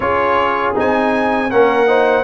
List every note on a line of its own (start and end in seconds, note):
0.00 0.74 C#4
0.00 0.74 F4
0.00 1.51 G#4
0.00 0.74 C#5
0.74 1.52 C4
0.74 1.49 D#4
0.74 1.50 G#5
1.50 2.24 A#3
1.50 1.86 C#4
1.50 1.88 A#4
1.50 2.24 F#5
1.86 2.24 D#4
1.86 2.24 C5